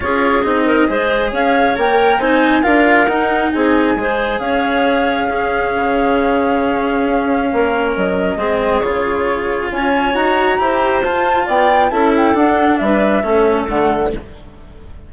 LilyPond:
<<
  \new Staff \with { instrumentName = "flute" } { \time 4/4 \tempo 4 = 136 cis''4 dis''2 f''4 | g''4 gis''4 f''4 fis''4 | gis''2 f''2~ | f''1~ |
f''2 dis''2 | cis''2 gis''4 ais''4~ | ais''4 a''4 g''4 a''8 g''8 | fis''4 e''2 fis''4 | }
  \new Staff \with { instrumentName = "clarinet" } { \time 4/4 gis'4. ais'8 c''4 cis''4~ | cis''4 c''4 ais'2 | gis'4 c''4 cis''2 | gis'1~ |
gis'4 ais'2 gis'4~ | gis'2 cis''2 | c''2 d''4 a'4~ | a'4 b'4 a'2 | }
  \new Staff \with { instrumentName = "cello" } { \time 4/4 f'4 dis'4 gis'2 | ais'4 dis'4 f'4 dis'4~ | dis'4 gis'2. | cis'1~ |
cis'2. c'4 | f'2. fis'4 | g'4 f'2 e'4 | d'2 cis'4 a4 | }
  \new Staff \with { instrumentName = "bassoon" } { \time 4/4 cis'4 c'4 gis4 cis'4 | ais4 c'4 d'4 dis'4 | c'4 gis4 cis'2~ | cis'4 cis2. |
cis'4 ais4 fis4 gis4 | cis2 cis'4 dis'4 | e'4 f'4 b4 cis'4 | d'4 g4 a4 d4 | }
>>